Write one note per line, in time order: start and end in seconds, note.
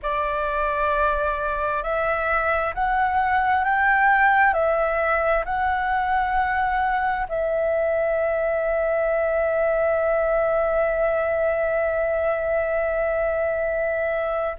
0.02 1.83 D5
1.83 2.74 E5
2.74 3.64 F#5
3.64 4.53 G5
4.53 5.44 E5
5.45 7.26 F#5
7.29 14.56 E5